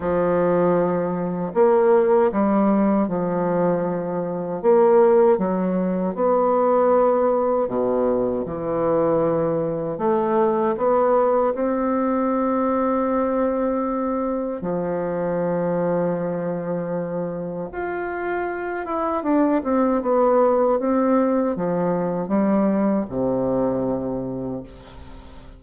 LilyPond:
\new Staff \with { instrumentName = "bassoon" } { \time 4/4 \tempo 4 = 78 f2 ais4 g4 | f2 ais4 fis4 | b2 b,4 e4~ | e4 a4 b4 c'4~ |
c'2. f4~ | f2. f'4~ | f'8 e'8 d'8 c'8 b4 c'4 | f4 g4 c2 | }